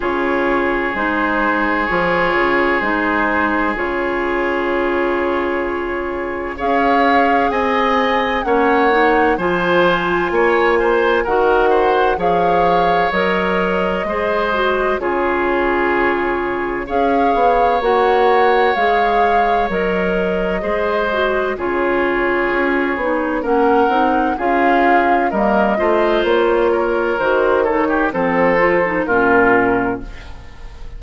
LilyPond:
<<
  \new Staff \with { instrumentName = "flute" } { \time 4/4 \tempo 4 = 64 cis''4 c''4 cis''4 c''4 | cis''2. f''4 | gis''4 fis''4 gis''2 | fis''4 f''4 dis''2 |
cis''2 f''4 fis''4 | f''4 dis''2 cis''4~ | cis''4 fis''4 f''4 dis''4 | cis''4 c''8 cis''8 c''4 ais'4 | }
  \new Staff \with { instrumentName = "oboe" } { \time 4/4 gis'1~ | gis'2. cis''4 | dis''4 cis''4 c''4 cis''8 c''8 | ais'8 c''8 cis''2 c''4 |
gis'2 cis''2~ | cis''2 c''4 gis'4~ | gis'4 ais'4 gis'4 ais'8 c''8~ | c''8 ais'4 a'16 g'16 a'4 f'4 | }
  \new Staff \with { instrumentName = "clarinet" } { \time 4/4 f'4 dis'4 f'4 dis'4 | f'2. gis'4~ | gis'4 cis'8 dis'8 f'2 | fis'4 gis'4 ais'4 gis'8 fis'8 |
f'2 gis'4 fis'4 | gis'4 ais'4 gis'8 fis'8 f'4~ | f'8 dis'8 cis'8 dis'8 f'4 ais8 f'8~ | f'4 fis'8 dis'8 c'8 f'16 dis'16 cis'4 | }
  \new Staff \with { instrumentName = "bassoon" } { \time 4/4 cis4 gis4 f8 cis8 gis4 | cis2. cis'4 | c'4 ais4 f4 ais4 | dis4 f4 fis4 gis4 |
cis2 cis'8 b8 ais4 | gis4 fis4 gis4 cis4 | cis'8 b8 ais8 c'8 cis'4 g8 a8 | ais4 dis4 f4 ais,4 | }
>>